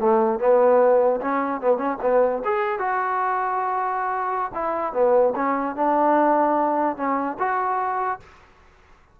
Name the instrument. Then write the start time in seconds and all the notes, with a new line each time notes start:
trombone
0.00 A3
0.39 B3
1.21 C#4
1.61 B3
1.77 C#4
2.02 B3
2.45 G#4
2.79 F#4
4.54 E4
4.93 B3
5.36 C#4
5.76 D4
6.97 C#4
7.39 F#4